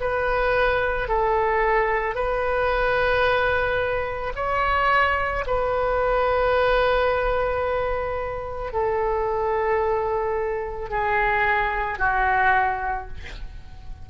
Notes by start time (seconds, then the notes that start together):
0.00 B4
1.08 A4
2.15 B4
4.35 C#5
5.46 B4
8.72 A4
10.90 G#4
11.99 F#4